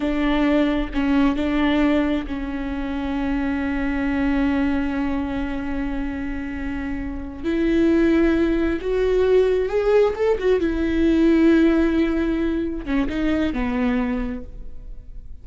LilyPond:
\new Staff \with { instrumentName = "viola" } { \time 4/4 \tempo 4 = 133 d'2 cis'4 d'4~ | d'4 cis'2.~ | cis'1~ | cis'1~ |
cis'8 e'2. fis'8~ | fis'4. gis'4 a'8 fis'8 e'8~ | e'1~ | e'8 cis'8 dis'4 b2 | }